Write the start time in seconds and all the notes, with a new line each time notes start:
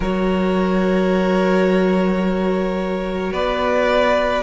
0.00 F#3 F#4 A#4 C#5
3.32 B3 B4 D5